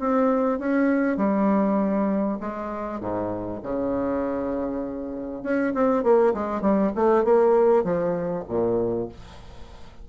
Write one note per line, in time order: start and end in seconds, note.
0.00 0.59 C4
0.59 1.17 C#4
1.17 2.38 G3
2.40 3.00 G#3
3.00 3.61 G#2
3.63 5.43 C#3
5.43 5.73 C#4
5.74 6.03 C4
6.03 6.34 A#3
6.34 6.61 G#3
6.61 6.92 G3
6.96 7.24 A3
7.24 7.84 A#3
7.84 8.44 F3
8.48 9.09 A#2